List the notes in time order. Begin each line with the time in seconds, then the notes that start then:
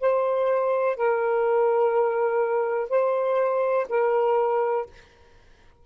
0.00 C5
0.96 A#4
2.89 C5
3.89 A#4